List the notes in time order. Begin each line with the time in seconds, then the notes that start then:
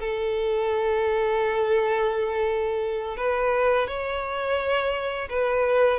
0.00 A4
3.17 B4
3.88 C#5
5.29 B4